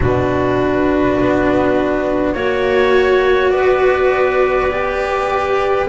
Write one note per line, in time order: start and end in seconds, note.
0.00 1.18 B2
0.00 2.34 D4
0.00 2.34 F#4
0.00 2.33 B4
1.18 2.35 B3
2.33 3.52 A#3
2.33 4.70 F#4
2.33 3.50 C#5
2.33 3.52 C#5
3.50 5.87 B3
3.50 5.88 B4
3.50 5.85 D5
4.70 5.88 G4